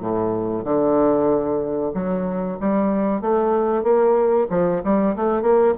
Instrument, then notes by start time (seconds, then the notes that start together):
bassoon
0.00 A2
0.64 D3
1.94 F#3
2.60 G3
3.21 A3
3.83 A#3
4.50 F3
4.84 G3
5.16 A3
5.42 A#3